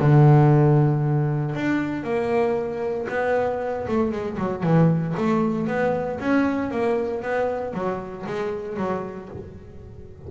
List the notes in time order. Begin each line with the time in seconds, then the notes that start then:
0.00 D3
1.56 D4
2.04 A#3
3.09 B3
3.88 A3
4.12 G#3
4.38 F#3
4.63 E3
5.18 A3
5.68 B3
6.20 C#4
6.71 A#3
7.23 B3
7.74 F#3
8.26 G#3
8.77 F#3